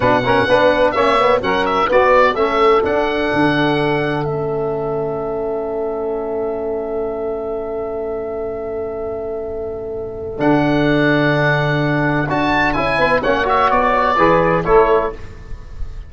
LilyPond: <<
  \new Staff \with { instrumentName = "oboe" } { \time 4/4 \tempo 4 = 127 fis''2 e''4 fis''8 e''8 | d''4 e''4 fis''2~ | fis''4 e''2.~ | e''1~ |
e''1~ | e''2 fis''2~ | fis''2 a''4 gis''4 | fis''8 e''8 d''2 cis''4 | }
  \new Staff \with { instrumentName = "saxophone" } { \time 4/4 b'8 ais'8 b'4 cis''4 ais'4 | fis'4 a'2.~ | a'1~ | a'1~ |
a'1~ | a'1~ | a'2.~ a'8 b'8 | cis''2 b'4 a'4 | }
  \new Staff \with { instrumentName = "trombone" } { \time 4/4 d'8 cis'8 d'4 cis'8 b8 cis'4 | b4 cis'4 d'2~ | d'4 cis'2.~ | cis'1~ |
cis'1~ | cis'2 d'2~ | d'2 fis'4 e'4 | cis'8 fis'4. gis'4 e'4 | }
  \new Staff \with { instrumentName = "tuba" } { \time 4/4 b,4 b4 ais4 fis4 | b4 a4 d'4 d4~ | d4 a2.~ | a1~ |
a1~ | a2 d2~ | d2 d'4 cis'8 b8 | ais4 b4 e4 a4 | }
>>